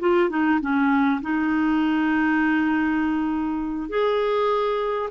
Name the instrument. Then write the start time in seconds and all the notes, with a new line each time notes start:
clarinet
0.00 F4
0.30 D#4
0.61 C#4
1.22 D#4
3.90 G#4